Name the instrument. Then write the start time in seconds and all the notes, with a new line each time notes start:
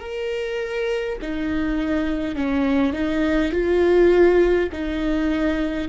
viola
0.00 A#4
1.21 D#4
2.35 C#4
2.93 D#4
3.52 F4
4.72 D#4